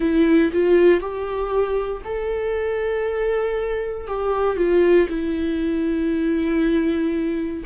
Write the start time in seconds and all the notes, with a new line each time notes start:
0.00 E4
0.52 F4
1.00 G4
2.04 A4
4.07 G4
4.56 F4
5.09 E4